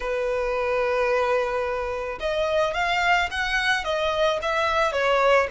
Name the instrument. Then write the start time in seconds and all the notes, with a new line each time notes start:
violin
0.00 B4
2.20 D#5
2.74 F5
3.30 F#5
3.84 D#5
4.42 E5
4.92 C#5